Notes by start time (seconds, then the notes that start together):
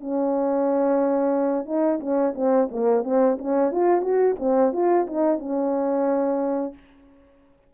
0.00 C#4
1.65 D#4
2.00 C#4
2.35 C4
2.71 A#3
3.04 C4
3.38 C#4
3.72 F4
4.02 F#4
4.39 C4
4.73 F4
5.07 D#4
5.39 C#4